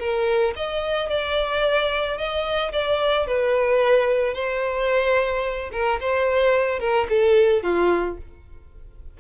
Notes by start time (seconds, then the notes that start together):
0.00 A#4
0.56 D#5
1.10 D5
2.18 D#5
2.73 D5
3.27 B4
4.34 C5
5.72 A#4
6.00 C5
6.80 A#4
7.10 A4
7.63 F4